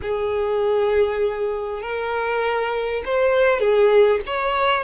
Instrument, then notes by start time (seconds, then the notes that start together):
violin
0.02 G#4
1.82 A#4
3.05 C5
3.60 G#4
4.26 C#5